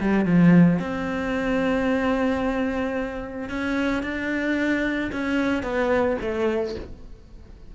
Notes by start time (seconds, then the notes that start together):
0.00 G3
0.25 F3
0.79 C4
3.49 C#4
4.03 D4
5.12 C#4
5.63 B3
6.21 A3